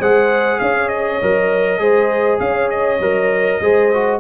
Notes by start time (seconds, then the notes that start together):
0.00 G#3 G#4 C5 F#5
0.59 C#4 C#5 F5
0.89 D#5
1.22 F#3 A#4
1.79 G#3 G#4 C5
2.40 C#4 C#5 F5
2.71 D#5
3.00 F#3 A#4
3.61 G#3 G#4 C5
3.94 F#4